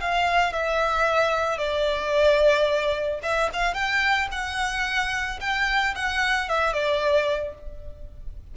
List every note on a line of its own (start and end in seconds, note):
0.00 0.53 F5
0.53 1.57 E5
1.57 3.20 D5
3.22 3.49 E5
3.53 3.74 F5
3.74 4.28 G5
4.31 5.40 F#5
5.40 5.94 G5
5.95 6.48 F#5
6.48 6.73 E5
6.73 7.54 D5